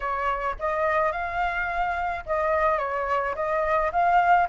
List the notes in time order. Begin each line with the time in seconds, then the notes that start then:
0.00 C#5
0.59 D#5
1.12 F5
2.26 D#5
2.78 C#5
3.35 D#5
3.92 F5